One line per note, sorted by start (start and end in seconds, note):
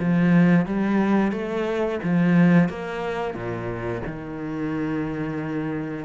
0.00 0.66 F3
0.66 1.32 G3
1.32 1.99 A3
2.03 2.69 F3
2.69 3.35 A#3
3.35 4.02 A#2
4.07 6.05 D#3